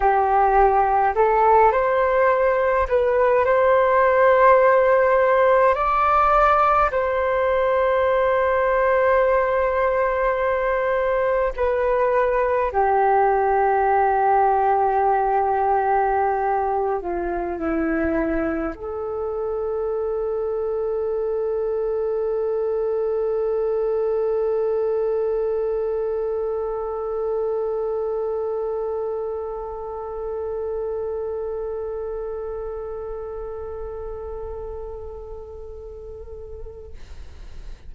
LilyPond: \new Staff \with { instrumentName = "flute" } { \time 4/4 \tempo 4 = 52 g'4 a'8 c''4 b'8 c''4~ | c''4 d''4 c''2~ | c''2 b'4 g'4~ | g'2~ g'8. f'8 e'8.~ |
e'16 a'2.~ a'8.~ | a'1~ | a'1~ | a'1 | }